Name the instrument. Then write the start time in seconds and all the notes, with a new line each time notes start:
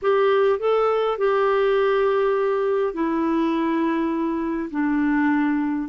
clarinet
0.02 G4
0.59 A4
1.18 G4
2.93 E4
4.71 D4